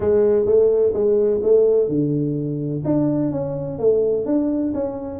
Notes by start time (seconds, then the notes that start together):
0.00 G#3
0.45 A3
0.93 G#3
1.42 A3
1.88 D3
2.84 D4
3.31 C#4
3.79 A3
4.25 D4
4.74 C#4